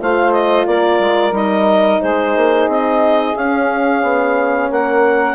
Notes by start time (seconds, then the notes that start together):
0.00 A3 F4 C5 F5
0.32 D#5
0.66 A#3 A#4 D5
0.99 G#3
1.32 G3 D#4 D#5
2.00 G#3 G#4 C5
2.36 A#3
2.68 C4 D#5
3.35 C#4 F5
4.02 B3
4.70 A#3 A#4 F#5